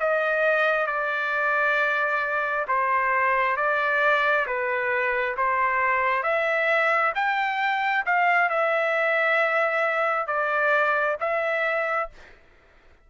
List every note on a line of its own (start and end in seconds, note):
0.00 0.86 D#5
0.86 2.65 D5
2.68 3.56 C5
3.56 4.46 D5
4.46 5.36 B4
5.37 6.23 C5
6.23 7.12 E5
7.15 8.04 G5
8.06 8.49 F5
8.49 10.27 E5
10.27 11.17 D5
11.20 12.09 E5